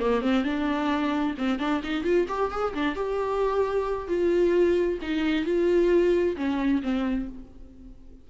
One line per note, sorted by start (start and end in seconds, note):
0.00 0.22 A#3
0.22 0.44 C4
0.44 1.35 D4
1.38 1.59 C4
1.59 1.82 D4
1.83 2.04 D#4
2.04 2.27 F4
2.29 2.51 G4
2.51 2.74 G#4
2.75 2.96 D4
2.96 4.08 G4
4.08 4.99 F4
5.02 5.45 D#4
5.45 6.36 F4
6.37 6.82 C#4
6.83 7.28 C4